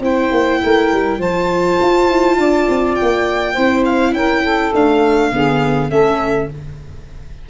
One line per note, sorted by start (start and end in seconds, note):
0.00 0.29 C4
0.00 1.19 E4
0.00 0.61 C5
0.00 1.21 G5
0.31 0.61 A#3
0.61 0.92 A3
0.61 1.19 A#4
0.92 1.19 G3
1.19 1.78 F3
1.19 3.55 F4
1.19 2.37 C5
1.19 2.95 A5
1.81 2.09 F4
2.09 2.37 E4
2.37 2.67 D4
2.37 3.53 D5
2.69 2.98 C4
2.95 3.83 G5
3.02 3.57 A#3
3.53 4.13 C4
3.53 4.73 E4
3.53 4.12 C5
3.85 4.14 F5
4.13 4.72 C#4
4.13 4.42 A#4
4.13 4.73 G5
4.42 5.31 A4
4.73 5.32 A3
4.73 5.32 D4
4.73 5.90 F5
5.32 5.90 D3
5.32 5.90 B3
5.32 5.90 G#4
5.90 6.50 A3
5.90 6.49 C#4
5.90 6.49 A4
5.90 6.49 E5